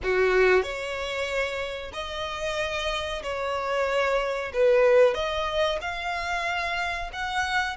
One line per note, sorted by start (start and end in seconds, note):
0.03 0.62 F#4
0.62 1.91 C#5
1.93 3.22 D#5
3.23 4.52 C#5
4.53 5.14 B4
5.14 5.78 D#5
5.81 7.10 F5
7.12 7.76 F#5